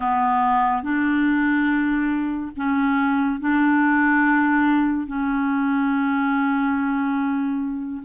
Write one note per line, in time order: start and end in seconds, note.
0.00 0.82 B3
0.82 2.51 D4
2.56 3.40 C#4
3.40 5.06 D4
5.06 8.02 C#4